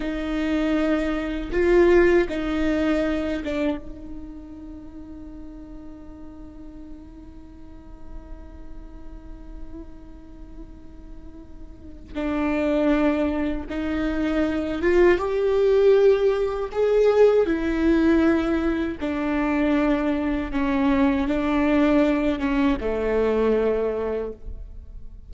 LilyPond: \new Staff \with { instrumentName = "viola" } { \time 4/4 \tempo 4 = 79 dis'2 f'4 dis'4~ | dis'8 d'8 dis'2.~ | dis'1~ | dis'1 |
d'2 dis'4. f'8 | g'2 gis'4 e'4~ | e'4 d'2 cis'4 | d'4. cis'8 a2 | }